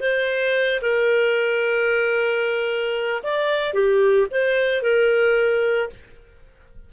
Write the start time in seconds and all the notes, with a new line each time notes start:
0.00 C5
0.82 A#4
3.23 D5
3.74 G4
4.31 C5
4.82 A#4